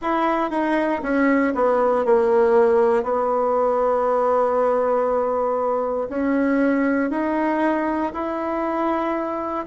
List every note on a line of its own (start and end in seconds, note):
0.01 0.50 E4
0.50 1.01 D#4
1.03 1.53 C#4
1.54 2.05 B3
2.05 3.03 A#3
3.03 6.08 B3
6.09 7.10 C#4
7.10 8.12 D#4
8.13 9.65 E4